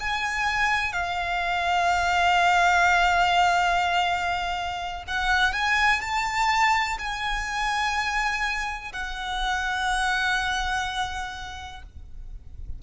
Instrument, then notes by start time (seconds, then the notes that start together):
violin
0.00 G#5
0.93 F5
5.08 F#5
5.53 G#5
6.01 A5
6.99 G#5
8.93 F#5